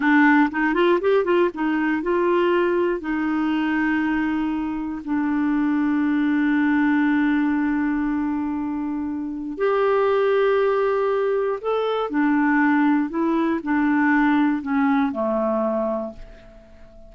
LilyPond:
\new Staff \with { instrumentName = "clarinet" } { \time 4/4 \tempo 4 = 119 d'4 dis'8 f'8 g'8 f'8 dis'4 | f'2 dis'2~ | dis'2 d'2~ | d'1~ |
d'2. g'4~ | g'2. a'4 | d'2 e'4 d'4~ | d'4 cis'4 a2 | }